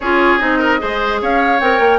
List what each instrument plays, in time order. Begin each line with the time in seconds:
0.00 bassoon C#4, clarinet F4, oboe G#4, flute C#5
0.38 bassoon C4, clarinet D#4, flute D#5
0.58 oboe A#4
0.78 bassoon G#3, clarinet G#4, oboe C5
1.21 bassoon C#4, oboe C#5, flute F5
1.60 bassoon C4, clarinet A#4, flute G5
1.79 bassoon A#3